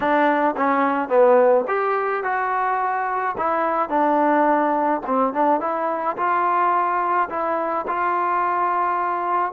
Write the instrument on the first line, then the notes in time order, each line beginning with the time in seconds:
trombone
0.00 D4
0.56 C#4
1.08 B3
1.67 G4
2.23 F#4
3.37 E4
3.89 D4
5.06 C4
5.33 D4
5.60 E4
6.16 F4
7.29 E4
7.87 F4